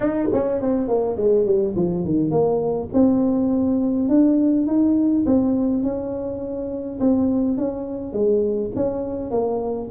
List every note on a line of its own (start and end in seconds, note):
0.00 0.28 D#4
0.32 0.61 C#4
0.61 0.88 C4
0.88 1.17 A#3
1.17 1.45 G#3
1.45 1.74 G3
1.76 2.04 F3
2.04 2.30 D#3
2.30 2.89 A#3
2.93 4.08 C4
4.08 4.67 D4
4.67 5.25 D#4
5.26 5.83 C4
5.83 6.99 C#4
7.00 7.57 C4
7.57 8.12 C#4
8.12 8.71 G#3
8.75 9.30 C#4
9.30 9.89 A#3